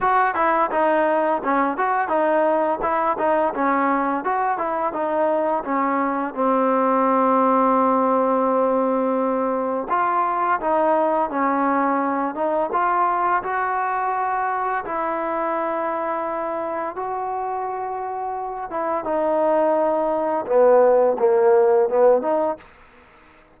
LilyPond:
\new Staff \with { instrumentName = "trombone" } { \time 4/4 \tempo 4 = 85 fis'8 e'8 dis'4 cis'8 fis'8 dis'4 | e'8 dis'8 cis'4 fis'8 e'8 dis'4 | cis'4 c'2.~ | c'2 f'4 dis'4 |
cis'4. dis'8 f'4 fis'4~ | fis'4 e'2. | fis'2~ fis'8 e'8 dis'4~ | dis'4 b4 ais4 b8 dis'8 | }